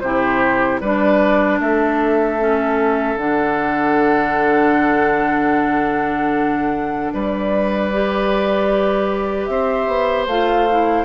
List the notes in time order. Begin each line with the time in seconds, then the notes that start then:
0.00 C3 E4 G4 C5
0.80 G3 D4 B4 D5
1.59 A3 A4 E5
2.39 C#4
3.16 D3 D4 F#5
7.13 G3 B4 D5
7.92 G4
9.45 C4 C5 E5
9.87 B3
10.26 A3 F4 F5
10.70 E4